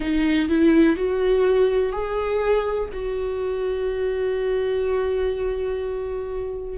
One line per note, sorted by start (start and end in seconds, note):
0.00 0.48 D#4
0.48 0.96 E4
0.96 1.92 F#4
1.92 2.89 G#4
2.93 6.77 F#4